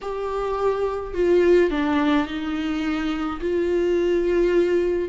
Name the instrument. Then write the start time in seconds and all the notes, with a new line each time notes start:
viola
0.01 G4
1.14 F4
1.70 D4
2.26 D#4
3.40 F4